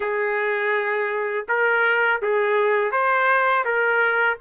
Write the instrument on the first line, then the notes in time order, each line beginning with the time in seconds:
trumpet
0.00 G#4
1.48 A#4
2.22 G#4
2.91 C5
3.65 A#4